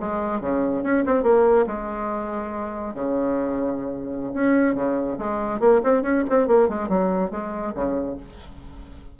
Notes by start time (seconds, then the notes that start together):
0.00 G#3
0.41 C#3
0.83 C#4
1.06 C4
1.23 A#3
1.67 G#3
2.94 C#3
4.34 C#4
4.75 C#3
5.18 G#3
5.60 A#3
5.84 C4
6.03 C#4
6.30 C4
6.48 A#3
6.69 G#3
6.89 F#3
7.31 G#3
7.75 C#3